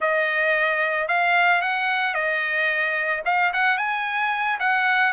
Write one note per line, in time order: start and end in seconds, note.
0.00 1.08 D#5
1.08 1.61 F5
1.61 2.14 F#5
2.14 3.22 D#5
3.25 3.52 F5
3.53 3.77 F#5
3.77 4.58 G#5
4.59 5.12 F#5